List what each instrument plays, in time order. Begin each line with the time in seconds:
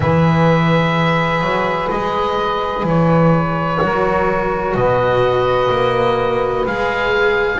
0.00 double bass E3, cello G#4, saxophone B4, oboe E5
1.41 double bass F#3
1.90 double bass G#3, oboe D#5
2.83 double bass E3, oboe C#5
3.81 double bass F#3, cello F#4, saxophone A#4
4.74 double bass B2, saxophone B4, oboe D#5
5.70 double bass A#3
6.66 double bass G#3, cello G#4, oboe F5